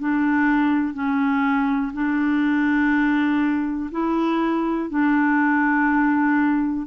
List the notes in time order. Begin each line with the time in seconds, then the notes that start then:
0.00 D4
0.94 C#4
1.94 D4
3.92 E4
4.90 D4